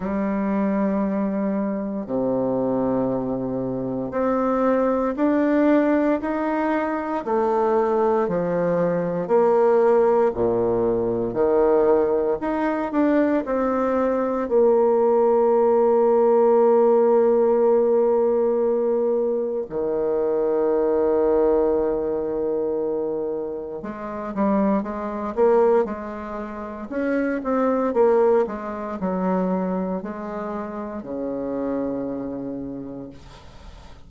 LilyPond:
\new Staff \with { instrumentName = "bassoon" } { \time 4/4 \tempo 4 = 58 g2 c2 | c'4 d'4 dis'4 a4 | f4 ais4 ais,4 dis4 | dis'8 d'8 c'4 ais2~ |
ais2. dis4~ | dis2. gis8 g8 | gis8 ais8 gis4 cis'8 c'8 ais8 gis8 | fis4 gis4 cis2 | }